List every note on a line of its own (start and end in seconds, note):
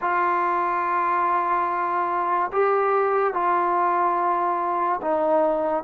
0.01 2.51 F4
2.52 3.33 G4
3.33 5.00 F4
5.01 5.83 D#4